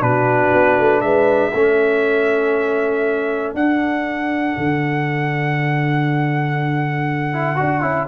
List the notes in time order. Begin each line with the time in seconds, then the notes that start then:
0.00 B2 D4 F#4 B4
0.53 B3
0.78 A3
1.01 G#3 B4 E5
1.52 A3 C#4 A4
3.54 D4 F#5
4.57 D3
7.33 E4
7.56 D4 F#4
7.81 C#4 E4